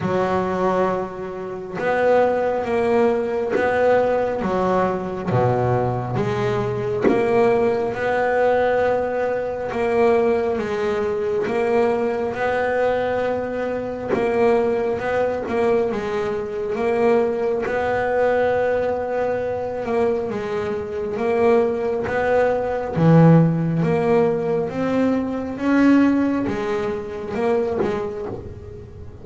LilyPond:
\new Staff \with { instrumentName = "double bass" } { \time 4/4 \tempo 4 = 68 fis2 b4 ais4 | b4 fis4 b,4 gis4 | ais4 b2 ais4 | gis4 ais4 b2 |
ais4 b8 ais8 gis4 ais4 | b2~ b8 ais8 gis4 | ais4 b4 e4 ais4 | c'4 cis'4 gis4 ais8 gis8 | }